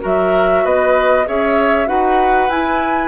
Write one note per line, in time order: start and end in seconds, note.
0.00 0.64 F#3
0.00 1.24 F#4
0.00 0.63 A#4
0.00 0.65 E5
0.64 1.26 B3
0.64 1.26 B4
0.64 1.27 D#5
1.25 1.88 C#4
1.25 1.86 G#4
1.25 1.88 C#5
1.25 1.88 E5
1.86 2.48 D#4
1.86 2.48 F#4
1.86 3.08 B4
1.86 2.49 F#5
2.48 3.08 E4
2.48 3.08 G#5